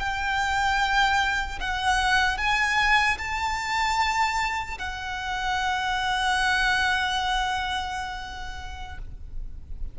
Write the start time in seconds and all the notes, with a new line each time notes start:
0.00 G5
1.60 F#5
2.38 G#5
3.19 A5
4.79 F#5